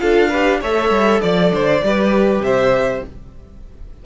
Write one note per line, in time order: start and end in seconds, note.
0.00 0.63 D4
0.00 0.31 F4
0.00 0.30 A4
0.00 0.61 F5
0.30 0.63 G4
0.30 0.60 B4
0.61 0.90 A3
0.61 1.84 A4
0.61 1.22 C#5
0.61 1.21 E5
0.90 1.21 G3
1.21 1.52 F3
1.21 2.43 D5
1.21 1.53 D5
1.52 1.82 D3
1.52 1.84 C5
1.83 2.40 G3
1.83 3.05 G4
1.83 2.45 B4
2.40 3.01 C3
2.40 3.06 C5
2.40 3.04 E5